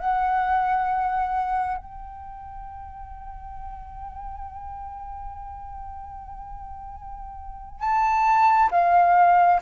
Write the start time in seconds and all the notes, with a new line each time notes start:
0.00 F#5
1.78 G5
7.81 A5
8.72 F5